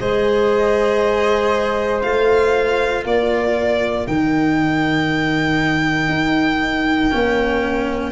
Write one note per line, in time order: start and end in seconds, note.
0.00 2.04 G#3
0.00 2.03 G#4
0.00 3.05 C5
0.00 2.03 D#5
2.03 3.05 A3
2.03 4.07 F4
2.03 3.04 F5
3.05 4.07 A#3
3.05 8.12 A#4
3.05 4.07 D5
4.07 6.09 D#3
4.07 7.12 D#4
4.07 8.12 G5
6.09 7.11 D#4
7.12 8.12 A#3
7.12 8.12 C#4